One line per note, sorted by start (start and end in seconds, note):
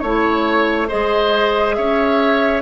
0.00 0.90 A3
0.00 0.89 E4
0.00 0.87 C#5
0.00 0.89 C#5
0.89 1.78 G#3
0.89 2.63 G#4
0.89 1.76 C5
0.89 1.75 D#5
1.75 2.63 C#4
1.75 2.63 C#5
1.75 2.62 E5